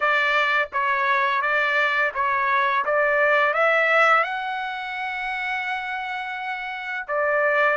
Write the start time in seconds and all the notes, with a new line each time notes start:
0.00 D5
0.73 C#5
1.41 D5
2.14 C#5
2.85 D5
3.53 E5
4.23 F#5
7.07 D5